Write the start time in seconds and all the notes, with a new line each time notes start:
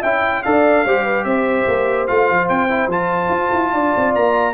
0.00 C#4 E4 E5 G5
0.42 D4 A4 D5 F5
0.85 G3 G4 C5
1.04 B4
1.24 C4 C5 E5
1.67 A#3
2.07 A3 F4 F5
2.30 F3
2.48 C4 G5
2.69 E4
2.87 F3 F4 A5
3.29 F4
3.52 E4
3.73 D4 D5
3.96 C4
4.14 A#3 A#5